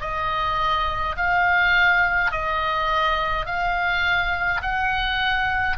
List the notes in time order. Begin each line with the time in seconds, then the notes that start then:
0.00 D#5
1.16 F5
2.31 D#5
3.46 F5
4.62 F#5